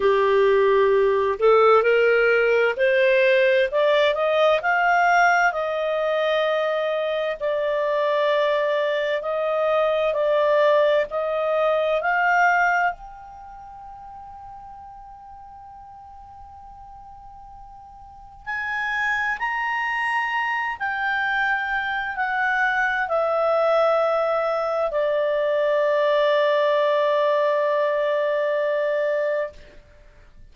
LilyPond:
\new Staff \with { instrumentName = "clarinet" } { \time 4/4 \tempo 4 = 65 g'4. a'8 ais'4 c''4 | d''8 dis''8 f''4 dis''2 | d''2 dis''4 d''4 | dis''4 f''4 g''2~ |
g''1 | gis''4 ais''4. g''4. | fis''4 e''2 d''4~ | d''1 | }